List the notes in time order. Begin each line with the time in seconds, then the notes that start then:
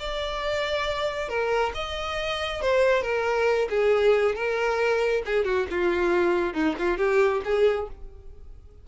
0.00 D5
1.29 A#4
1.75 D#5
2.62 C5
3.03 A#4
3.70 G#4
4.36 A#4
5.26 G#4
5.45 F#4
5.71 F4
6.54 D#4
6.79 F4
6.98 G4
7.45 G#4